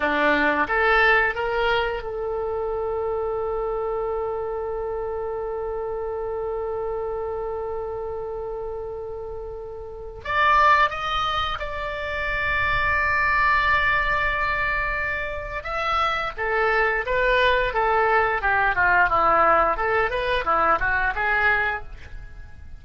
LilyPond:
\new Staff \with { instrumentName = "oboe" } { \time 4/4 \tempo 4 = 88 d'4 a'4 ais'4 a'4~ | a'1~ | a'1~ | a'2. d''4 |
dis''4 d''2.~ | d''2. e''4 | a'4 b'4 a'4 g'8 f'8 | e'4 a'8 b'8 e'8 fis'8 gis'4 | }